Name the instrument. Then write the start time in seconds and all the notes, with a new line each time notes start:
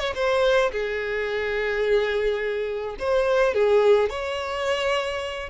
violin
0.00 C#5
0.16 C5
0.72 G#4
3.00 C5
3.54 G#4
4.10 C#5